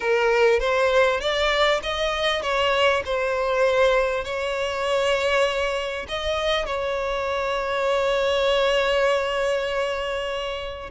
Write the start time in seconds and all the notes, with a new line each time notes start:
0.00 A#4
0.59 C5
1.20 D5
1.83 D#5
2.42 C#5
3.05 C5
4.24 C#5
6.08 D#5
6.66 C#5